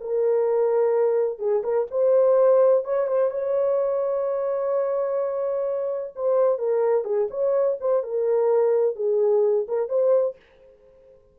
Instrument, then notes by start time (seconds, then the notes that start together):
horn
0.00 A#4
1.39 G#4
1.63 A#4
1.90 C5
2.84 C#5
3.07 C5
3.30 C#5
6.15 C5
6.58 A#4
7.04 G#4
7.30 C#5
7.80 C5
8.03 A#4
8.95 G#4
9.67 A#4
9.88 C5